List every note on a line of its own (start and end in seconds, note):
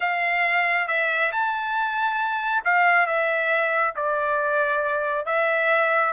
0.00 0.87 F5
0.87 1.31 E5
1.32 2.63 A5
2.64 3.06 F5
3.06 3.94 E5
3.95 5.25 D5
5.25 6.13 E5